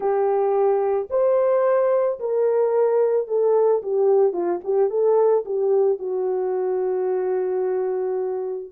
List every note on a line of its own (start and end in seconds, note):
0.00 1.08 G4
1.10 2.19 C5
2.19 3.27 A#4
3.27 3.82 A4
3.82 4.32 G4
4.32 4.60 F4
4.63 4.89 G4
4.89 5.44 A4
5.45 5.99 G4
5.99 8.71 F#4